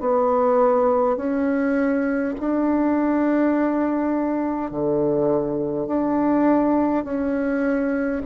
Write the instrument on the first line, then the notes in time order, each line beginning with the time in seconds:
bassoon
0.00 B3
1.17 C#4
2.40 D4
4.71 D3
5.87 D4
7.04 C#4